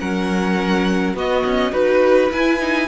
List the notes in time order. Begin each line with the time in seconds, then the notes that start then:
0.00 F#3 C#4 A#4 F#5
1.15 B3 F#4 D#5
1.45 C#4
1.72 D#4 F#4 B4
2.31 E4 G#5
2.60 D#4